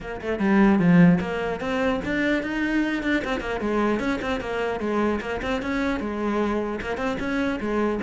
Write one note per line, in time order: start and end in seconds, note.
0.00 0.20 A#3
0.21 0.39 A3
0.39 0.79 G3
0.79 1.19 F3
1.20 1.60 A#3
1.60 2.00 C4
2.04 2.42 D4
2.42 3.02 D#4
3.02 3.22 D4
3.24 3.40 C4
3.40 3.60 A#3
3.60 3.99 G#3
3.99 4.19 C#4
4.21 4.40 C4
4.40 4.80 A#3
4.80 5.20 G#3
5.20 5.40 A#3
5.42 5.62 C4
5.62 6.00 C#4
6.00 6.80 G#3
6.81 6.97 A#3
6.97 7.17 C4
7.19 7.59 C#4
7.60 8.00 G#3